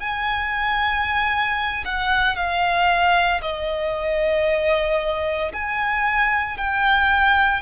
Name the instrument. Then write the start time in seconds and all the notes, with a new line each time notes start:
violin
0.00 G#5
1.85 F#5
2.36 F5
3.42 D#5
5.53 G#5
6.57 G5